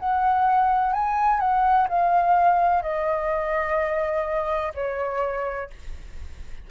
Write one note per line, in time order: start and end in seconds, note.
0.00 0.93 F#5
0.93 1.41 G#5
1.41 1.88 F#5
1.89 2.83 F5
2.83 4.74 D#5
4.75 5.71 C#5